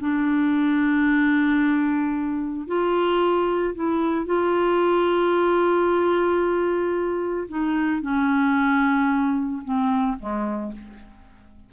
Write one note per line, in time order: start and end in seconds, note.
0.00 2.67 D4
2.67 3.75 F4
3.75 4.26 E4
4.26 7.48 F4
7.49 8.02 D#4
8.02 9.62 C#4
9.64 10.18 C4
10.19 10.73 G#3